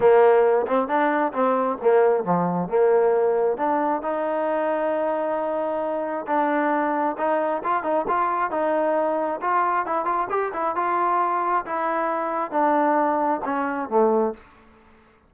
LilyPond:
\new Staff \with { instrumentName = "trombone" } { \time 4/4 \tempo 4 = 134 ais4. c'8 d'4 c'4 | ais4 f4 ais2 | d'4 dis'2.~ | dis'2 d'2 |
dis'4 f'8 dis'8 f'4 dis'4~ | dis'4 f'4 e'8 f'8 g'8 e'8 | f'2 e'2 | d'2 cis'4 a4 | }